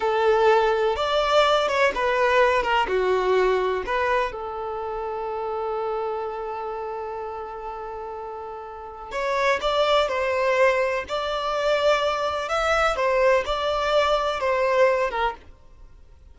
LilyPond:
\new Staff \with { instrumentName = "violin" } { \time 4/4 \tempo 4 = 125 a'2 d''4. cis''8 | b'4. ais'8 fis'2 | b'4 a'2.~ | a'1~ |
a'2. cis''4 | d''4 c''2 d''4~ | d''2 e''4 c''4 | d''2 c''4. ais'8 | }